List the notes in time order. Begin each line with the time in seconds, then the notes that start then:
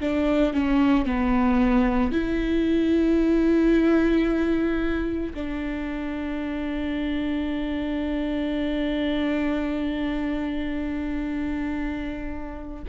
0.00 D4
0.53 C#4
1.05 B3
2.11 E4
5.34 D4